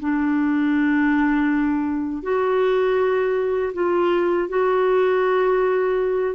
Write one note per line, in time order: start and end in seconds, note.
0.00 2.23 D4
2.23 3.73 F#4
3.74 4.49 F4
4.49 6.35 F#4